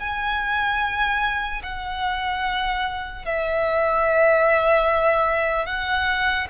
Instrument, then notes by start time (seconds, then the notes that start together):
violin
0.00 G#5
1.63 F#5
3.25 E5
5.66 F#5